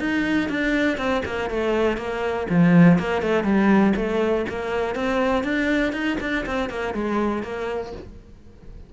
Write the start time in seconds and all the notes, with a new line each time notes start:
0.00 D#4
0.49 D4
0.98 C4
1.25 A#3
1.50 A3
1.97 A#3
2.50 F3
2.99 A#3
3.22 A3
3.44 G3
3.96 A3
4.50 A#3
4.95 C4
5.44 D4
5.93 D#4
6.21 D4
6.46 C4
6.70 A#3
6.94 G#3
7.43 A#3